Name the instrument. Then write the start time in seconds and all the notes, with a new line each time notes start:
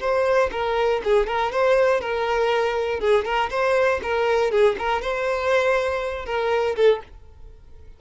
violin
0.00 C5
0.52 A#4
1.04 G#4
1.27 A#4
1.52 C5
2.01 A#4
3.00 G#4
3.25 A#4
3.50 C5
4.03 A#4
4.51 G#4
4.78 A#4
5.02 C5
6.26 A#4
6.76 A4